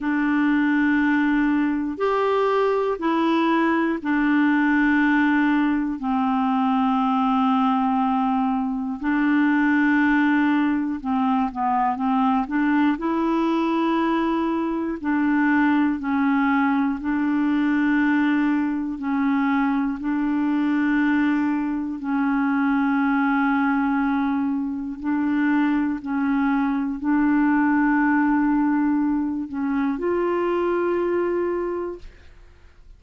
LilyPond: \new Staff \with { instrumentName = "clarinet" } { \time 4/4 \tempo 4 = 60 d'2 g'4 e'4 | d'2 c'2~ | c'4 d'2 c'8 b8 | c'8 d'8 e'2 d'4 |
cis'4 d'2 cis'4 | d'2 cis'2~ | cis'4 d'4 cis'4 d'4~ | d'4. cis'8 f'2 | }